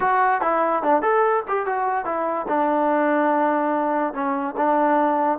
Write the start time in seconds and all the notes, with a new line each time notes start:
0.00 F#4
0.41 E4
0.83 D4
1.02 A4
1.48 G4
1.66 F#4
2.05 E4
2.48 D4
4.13 C#4
4.56 D4